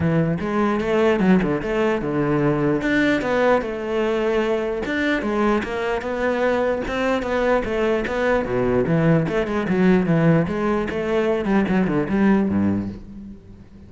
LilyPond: \new Staff \with { instrumentName = "cello" } { \time 4/4 \tempo 4 = 149 e4 gis4 a4 fis8 d8 | a4 d2 d'4 | b4 a2. | d'4 gis4 ais4 b4~ |
b4 c'4 b4 a4 | b4 b,4 e4 a8 gis8 | fis4 e4 gis4 a4~ | a8 g8 fis8 d8 g4 g,4 | }